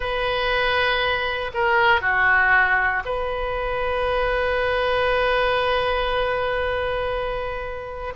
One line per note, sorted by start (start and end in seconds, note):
0.00 1.51 B4
1.54 2.01 A#4
2.01 3.03 F#4
3.05 8.13 B4